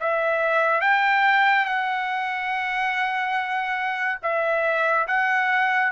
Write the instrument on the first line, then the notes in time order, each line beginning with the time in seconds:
trumpet
0.00 E5
0.81 G5
1.65 F#5
4.23 E5
5.07 F#5